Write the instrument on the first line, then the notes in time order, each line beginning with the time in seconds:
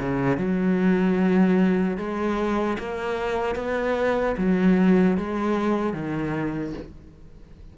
cello
0.00 C#3
0.38 F#3
1.98 G#3
2.79 A#3
3.56 B3
4.38 F#3
5.18 G#3
5.94 D#3